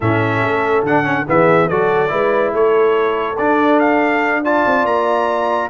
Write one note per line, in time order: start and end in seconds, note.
0.00 0.42 A2
0.00 0.86 C#4
0.00 1.26 A4
0.00 0.85 E5
0.42 0.83 A3
0.83 1.25 D3
0.83 1.03 D4
0.83 1.27 F#5
1.03 1.24 C#4
1.27 1.70 E3
1.27 1.70 B3
1.27 1.68 G#4
1.27 1.69 E5
1.68 2.12 F#3
1.68 2.08 F#4
1.68 2.10 A4
1.68 2.53 D5
2.08 2.53 G#3
2.08 3.35 E4
2.08 2.53 B4
2.53 3.38 A3
2.53 4.43 A4
2.53 3.37 C#5
3.37 4.65 D4
3.37 4.44 D4
3.37 3.79 D5
3.79 4.43 F5
4.43 5.70 F4
4.43 5.69 D5
4.43 4.86 A5
4.66 4.85 C4
4.85 5.69 A#3
4.85 5.70 A#5